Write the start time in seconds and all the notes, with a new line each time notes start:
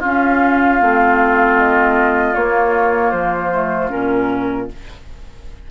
0.00 C#4 F4 F5
0.80 A3 C4
1.58 D#5
2.35 A#3 C#5
3.12 F3 C5
3.53 A3
3.90 A#2 C#4 A#4